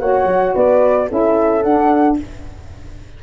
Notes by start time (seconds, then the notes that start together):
0.00 A#3 F#4 C#5 F#5
0.25 F#3
0.54 B3 B4 D5
1.08 C#4 E4 A4 E5
1.62 D4 F#5